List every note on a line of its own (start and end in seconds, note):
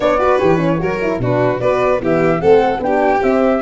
0.00 0.40 B3
0.00 0.19 D4
0.00 0.19 C#5
0.00 0.38 D5
0.19 0.39 F#4
0.19 0.80 B4
0.38 0.81 E3
0.38 0.57 G4
0.38 1.18 C#5
0.57 0.77 C#4
0.79 1.18 F#3
0.79 0.99 F#4
0.79 1.21 A#4
1.01 1.21 E4
1.18 1.59 B2
1.18 1.59 D4
1.18 1.61 F#4
1.18 1.59 B4
1.59 2.01 B3
1.59 2.00 F#4
1.59 2.01 B4
1.59 2.00 D5
2.00 2.41 E3
2.00 2.39 B3
2.00 2.41 G4
2.00 2.40 E5
2.39 2.79 A3
2.39 2.79 C4
2.39 2.81 A4
2.39 2.81 F#5
2.79 3.19 B3
2.79 3.20 D4
2.79 3.23 G5
2.85 3.61 G4
3.20 3.60 C4
3.20 3.61 C4
3.20 3.61 E5